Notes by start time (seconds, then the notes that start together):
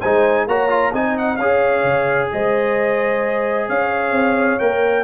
0.00 G#3 D#4 C5 G#5
0.47 A#3 F#4 C#5 A#5
0.69 F4
0.93 C4 D#4 D#5 G#5
1.18 F#5
1.37 C#4 G#4 C#5 F5
1.83 C#3
2.32 G#3 C5 D#5
3.68 C#4 C#5 F5
4.11 C4
4.59 A#3 A#4 G5